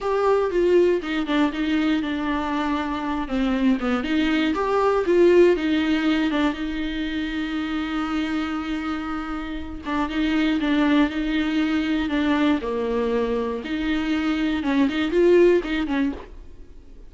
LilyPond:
\new Staff \with { instrumentName = "viola" } { \time 4/4 \tempo 4 = 119 g'4 f'4 dis'8 d'8 dis'4 | d'2~ d'8 c'4 b8 | dis'4 g'4 f'4 dis'4~ | dis'8 d'8 dis'2.~ |
dis'2.~ dis'8 d'8 | dis'4 d'4 dis'2 | d'4 ais2 dis'4~ | dis'4 cis'8 dis'8 f'4 dis'8 cis'8 | }